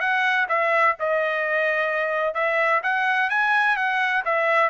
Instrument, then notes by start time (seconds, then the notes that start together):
trumpet
0.00 F#5
0.49 E5
0.99 D#5
2.34 E5
2.83 F#5
3.30 G#5
3.76 F#5
4.25 E5